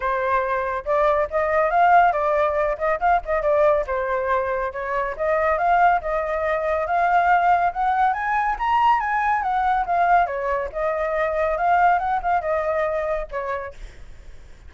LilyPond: \new Staff \with { instrumentName = "flute" } { \time 4/4 \tempo 4 = 140 c''2 d''4 dis''4 | f''4 d''4. dis''8 f''8 dis''8 | d''4 c''2 cis''4 | dis''4 f''4 dis''2 |
f''2 fis''4 gis''4 | ais''4 gis''4 fis''4 f''4 | cis''4 dis''2 f''4 | fis''8 f''8 dis''2 cis''4 | }